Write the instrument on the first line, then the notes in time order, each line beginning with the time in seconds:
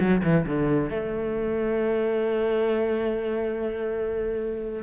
cello
0.00 F#3
0.24 E3
0.47 D3
0.90 A3